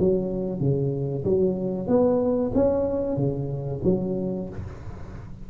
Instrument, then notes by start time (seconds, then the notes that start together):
tuba
0.00 F#3
0.60 C#3
1.25 F#3
1.88 B3
2.55 C#4
3.17 C#3
3.85 F#3